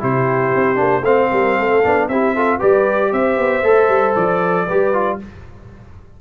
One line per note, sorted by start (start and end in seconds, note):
0.00 0.55 C3
0.00 0.76 E4
0.00 1.03 G4
0.00 1.05 C5
0.55 0.80 C4
0.76 1.02 A#3
0.76 1.02 D4
1.02 1.28 A3
1.02 1.83 C4
1.02 1.31 C5
1.02 2.08 F5
1.32 1.59 G3
1.32 1.58 A#4
1.58 1.85 A3
1.58 2.10 A4
1.84 2.08 B3
1.84 2.10 D4
2.08 2.60 C4
2.08 2.37 E4
2.08 2.35 G4
2.08 2.60 E5
2.35 2.60 F4
2.35 2.59 A4
2.59 3.13 G3
2.59 3.63 G4
2.59 3.11 B4
2.59 3.13 D5
3.12 3.38 C4
3.12 4.67 C5
3.12 4.16 E5
3.38 3.63 B3
3.63 3.89 A3
3.63 4.67 A4
3.89 4.15 G3
4.16 4.68 F3
4.16 5.19 D5
4.67 5.21 G3
4.67 4.94 G4
4.67 5.19 B4
4.94 5.20 F4